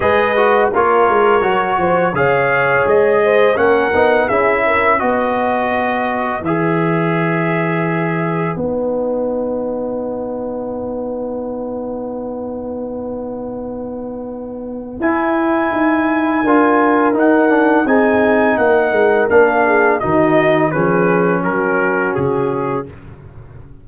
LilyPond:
<<
  \new Staff \with { instrumentName = "trumpet" } { \time 4/4 \tempo 4 = 84 dis''4 cis''2 f''4 | dis''4 fis''4 e''4 dis''4~ | dis''4 e''2. | fis''1~ |
fis''1~ | fis''4 gis''2. | fis''4 gis''4 fis''4 f''4 | dis''4 b'4 ais'4 gis'4 | }
  \new Staff \with { instrumentName = "horn" } { \time 4/4 b'4 ais'4. c''8 cis''4~ | cis''8 c''8 ais'4 gis'8 ais'8 b'4~ | b'1~ | b'1~ |
b'1~ | b'2. ais'4~ | ais'4 gis'4 ais'4. gis'8 | fis'4 gis'4 fis'2 | }
  \new Staff \with { instrumentName = "trombone" } { \time 4/4 gis'8 fis'8 f'4 fis'4 gis'4~ | gis'4 cis'8 dis'8 e'4 fis'4~ | fis'4 gis'2. | dis'1~ |
dis'1~ | dis'4 e'2 f'4 | dis'8 d'8 dis'2 d'4 | dis'4 cis'2. | }
  \new Staff \with { instrumentName = "tuba" } { \time 4/4 gis4 ais8 gis8 fis8 f8 cis4 | gis4 ais8 b8 cis'4 b4~ | b4 e2. | b1~ |
b1~ | b4 e'4 dis'4 d'4 | dis'4 c'4 ais8 gis8 ais4 | dis4 f4 fis4 cis4 | }
>>